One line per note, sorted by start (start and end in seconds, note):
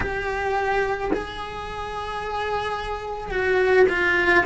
0.00 1.11 G4
1.13 3.30 G#4
3.30 3.86 F#4
3.89 4.44 F4